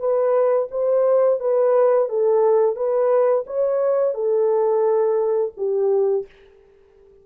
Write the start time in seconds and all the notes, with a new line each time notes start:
0.00 B4
0.71 C5
1.40 B4
2.09 A4
2.76 B4
3.47 C#5
4.14 A4
5.57 G4